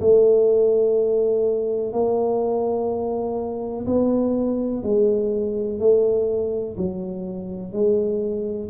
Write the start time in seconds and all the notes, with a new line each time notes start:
0.00 A3
1.92 A#3
3.86 B3
4.83 G#3
5.79 A3
6.77 F#3
7.72 G#3